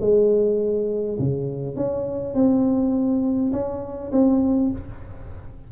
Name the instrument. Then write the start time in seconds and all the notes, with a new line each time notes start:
tuba
0.00 G#3
1.19 C#3
1.76 C#4
2.34 C4
3.52 C#4
4.12 C4